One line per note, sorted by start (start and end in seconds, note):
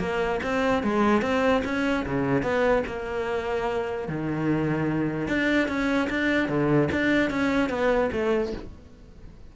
0.00 0.41 A#3
0.43 0.84 C4
0.84 1.22 G#3
1.22 1.63 C4
1.65 2.06 C#4
2.06 2.43 C#3
2.43 2.84 B3
2.87 4.09 A#3
4.09 5.28 D#3
5.28 5.69 D4
5.69 6.09 C#4
6.10 6.49 D4
6.49 6.90 D3
6.92 7.31 D4
7.31 7.70 C#4
7.70 8.10 B3
8.13 8.53 A3